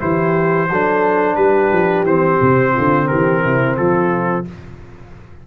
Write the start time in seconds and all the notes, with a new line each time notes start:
0.00 E3 E4 G4 C5
0.70 F#3 D4 A4
1.36 G3 G4 B4
1.72 F3
2.04 E3 C4 C5
2.42 C3
2.72 D3 F4
3.08 E3 G4 A#4
3.44 C3 E4
3.77 F3 F4 A4